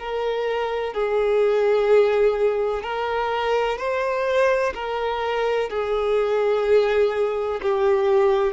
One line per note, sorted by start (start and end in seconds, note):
0.00 0.94 A#4
0.94 2.84 G#4
2.84 3.79 A#4
3.79 4.74 C5
4.75 5.70 A#4
5.70 7.61 G#4
7.62 8.53 G4